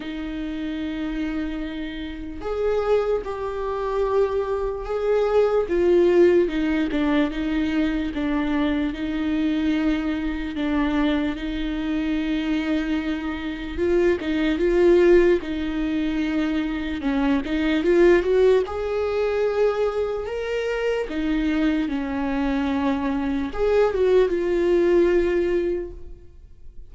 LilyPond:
\new Staff \with { instrumentName = "viola" } { \time 4/4 \tempo 4 = 74 dis'2. gis'4 | g'2 gis'4 f'4 | dis'8 d'8 dis'4 d'4 dis'4~ | dis'4 d'4 dis'2~ |
dis'4 f'8 dis'8 f'4 dis'4~ | dis'4 cis'8 dis'8 f'8 fis'8 gis'4~ | gis'4 ais'4 dis'4 cis'4~ | cis'4 gis'8 fis'8 f'2 | }